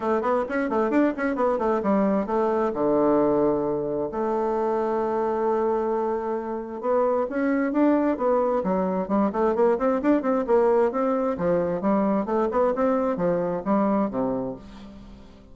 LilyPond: \new Staff \with { instrumentName = "bassoon" } { \time 4/4 \tempo 4 = 132 a8 b8 cis'8 a8 d'8 cis'8 b8 a8 | g4 a4 d2~ | d4 a2.~ | a2. b4 |
cis'4 d'4 b4 fis4 | g8 a8 ais8 c'8 d'8 c'8 ais4 | c'4 f4 g4 a8 b8 | c'4 f4 g4 c4 | }